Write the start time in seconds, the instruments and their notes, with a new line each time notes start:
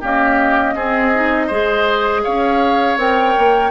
0.00 clarinet A#3, bassoon C#4, oboe G4, flute D#5
0.75 bassoon C4, clarinet C4, oboe G#4
1.15 clarinet D#4
1.47 bassoon G#3, clarinet G#4, oboe C5
2.24 bassoon C#4, oboe C#5, flute F5
2.97 bassoon C4, clarinet A#4, flute G5
3.38 bassoon A#3